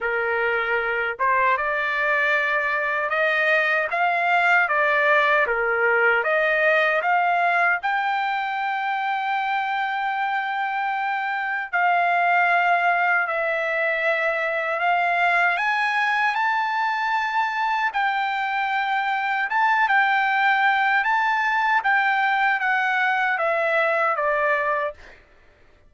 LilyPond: \new Staff \with { instrumentName = "trumpet" } { \time 4/4 \tempo 4 = 77 ais'4. c''8 d''2 | dis''4 f''4 d''4 ais'4 | dis''4 f''4 g''2~ | g''2. f''4~ |
f''4 e''2 f''4 | gis''4 a''2 g''4~ | g''4 a''8 g''4. a''4 | g''4 fis''4 e''4 d''4 | }